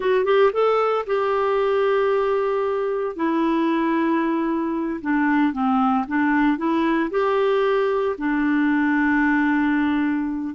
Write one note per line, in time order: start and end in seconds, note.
0.00 0.25 F#4
0.25 0.51 G4
0.53 1.05 A4
1.06 3.16 G4
3.16 5.00 E4
5.01 5.52 D4
5.52 6.05 C4
6.07 6.57 D4
6.57 7.10 E4
7.10 8.16 G4
8.17 10.54 D4